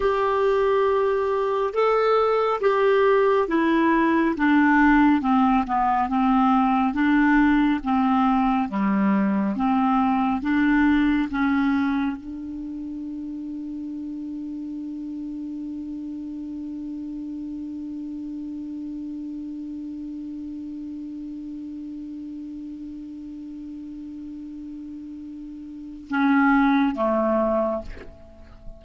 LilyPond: \new Staff \with { instrumentName = "clarinet" } { \time 4/4 \tempo 4 = 69 g'2 a'4 g'4 | e'4 d'4 c'8 b8 c'4 | d'4 c'4 g4 c'4 | d'4 cis'4 d'2~ |
d'1~ | d'1~ | d'1~ | d'2 cis'4 a4 | }